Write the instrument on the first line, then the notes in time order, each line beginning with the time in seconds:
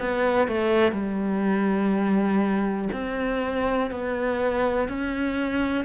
cello
0.00 B3
0.48 A3
0.92 G3
2.92 C4
3.91 B3
4.89 C#4